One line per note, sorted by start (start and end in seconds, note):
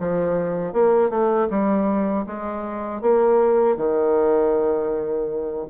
0.00 0.74 F3
0.74 1.10 A#3
1.10 1.48 A3
1.50 2.26 G3
2.27 3.02 G#3
3.02 3.77 A#3
3.77 5.67 D#3